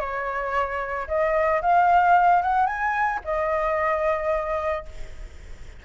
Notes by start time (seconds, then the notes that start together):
0.00 C#5
1.08 D#5
1.61 F5
2.42 F#5
2.66 G#5
3.25 D#5